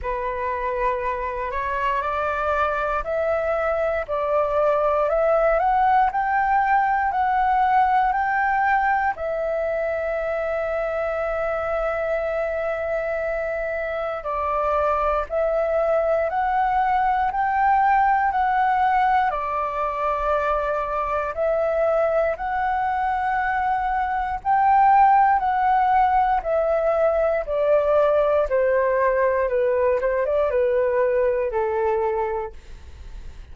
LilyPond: \new Staff \with { instrumentName = "flute" } { \time 4/4 \tempo 4 = 59 b'4. cis''8 d''4 e''4 | d''4 e''8 fis''8 g''4 fis''4 | g''4 e''2.~ | e''2 d''4 e''4 |
fis''4 g''4 fis''4 d''4~ | d''4 e''4 fis''2 | g''4 fis''4 e''4 d''4 | c''4 b'8 c''16 d''16 b'4 a'4 | }